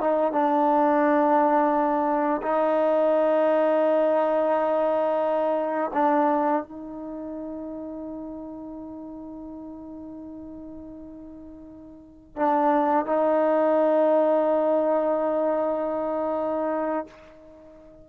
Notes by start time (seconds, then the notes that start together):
0.00 D#4
0.32 D4
2.42 D#4
5.93 D4
6.63 D#4
12.36 D4
13.06 D#4